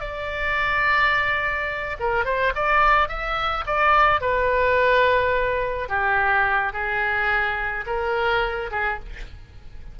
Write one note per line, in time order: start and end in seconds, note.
0.00 1.96 D5
1.99 2.25 A#4
2.25 2.53 C5
2.55 3.08 D5
3.08 3.64 E5
3.66 4.21 D5
4.21 5.89 B4
5.89 6.72 G4
6.72 7.85 G#4
7.86 8.70 A#4
8.71 8.99 G#4